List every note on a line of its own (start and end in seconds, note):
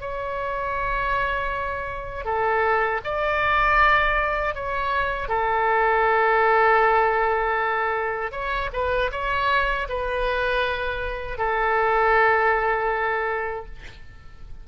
0.00 2.24 C#5
2.24 3.00 A4
3.03 4.55 D5
4.55 5.28 C#5
5.28 8.31 A4
8.31 8.69 C#5
8.73 9.11 B4
9.11 9.87 C#5
9.89 11.38 B4
11.38 13.65 A4